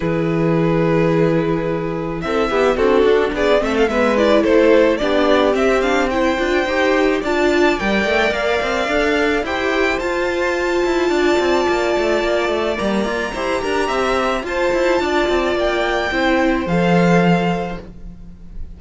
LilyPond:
<<
  \new Staff \with { instrumentName = "violin" } { \time 4/4 \tempo 4 = 108 b'1 | e''4 a'4 d''8 e''16 f''16 e''8 d''8 | c''4 d''4 e''8 f''8 g''4~ | g''4 a''4 g''4 f''4~ |
f''4 g''4 a''2~ | a''2. ais''4~ | ais''2 a''2 | g''2 f''2 | }
  \new Staff \with { instrumentName = "violin" } { \time 4/4 gis'1 | a'8 g'8 fis'4 gis'8 a'8 b'4 | a'4 g'2 c''4~ | c''4 d''2.~ |
d''4 c''2. | d''1 | c''8 ais'8 e''4 c''4 d''4~ | d''4 c''2. | }
  \new Staff \with { instrumentName = "viola" } { \time 4/4 e'1~ | e'4 d'4. c'8 b8 e'8~ | e'4 d'4 c'8 d'8 e'8 f'8 | g'4 f'4 ais'2 |
a'4 g'4 f'2~ | f'2. ais4 | g'2 f'2~ | f'4 e'4 a'2 | }
  \new Staff \with { instrumentName = "cello" } { \time 4/4 e1 | c'8 b8 c'8 d'8 b8 a8 gis4 | a4 b4 c'4. d'8 | dis'4 d'4 g8 a8 ais8 c'8 |
d'4 e'4 f'4. e'8 | d'8 c'8 ais8 a8 ais8 a8 g8 f'8 | e'8 d'8 c'4 f'8 e'8 d'8 c'8 | ais4 c'4 f2 | }
>>